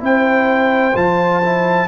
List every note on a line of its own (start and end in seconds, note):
0.00 0.94 C4
0.00 0.92 E4
0.00 1.88 C5
0.00 0.97 G5
0.95 1.87 F3
0.95 1.42 F4
0.95 1.88 A5
1.43 1.88 E4